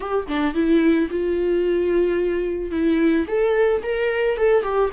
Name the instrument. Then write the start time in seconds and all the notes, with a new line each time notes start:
viola
0.00 G4
0.27 D4
0.54 E4
1.10 F4
2.71 E4
3.27 A4
3.83 A#4
4.37 A4
4.62 G4